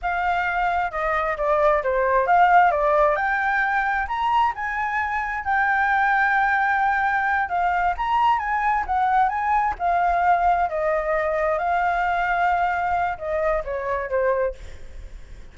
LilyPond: \new Staff \with { instrumentName = "flute" } { \time 4/4 \tempo 4 = 132 f''2 dis''4 d''4 | c''4 f''4 d''4 g''4~ | g''4 ais''4 gis''2 | g''1~ |
g''8 f''4 ais''4 gis''4 fis''8~ | fis''8 gis''4 f''2 dis''8~ | dis''4. f''2~ f''8~ | f''4 dis''4 cis''4 c''4 | }